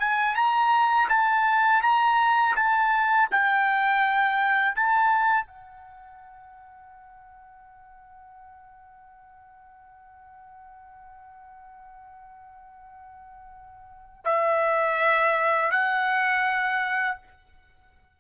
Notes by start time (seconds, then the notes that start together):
0.00 G#5
0.36 A#5
1.09 A5
1.83 A#5
2.56 A5
3.31 G5
4.76 A5
5.47 F#5
14.25 E5
15.71 F#5